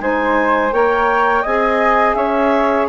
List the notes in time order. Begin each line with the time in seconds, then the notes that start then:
0.00 G#3 D#4 C5 G#5
0.71 A#3 A#4 C#5 G5
1.42 C4 G#4 D#5 G#5
2.14 C#4 C#5 E5